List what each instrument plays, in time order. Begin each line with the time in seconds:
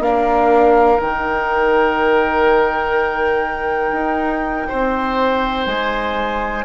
0.00 bassoon A#3, viola D4, oboe A#4, flute F5
0.98 bassoon D#3, viola D#4, flute G5
3.92 bassoon D#4
4.68 bassoon C4, oboe C5
5.66 bassoon G#3, flute G#5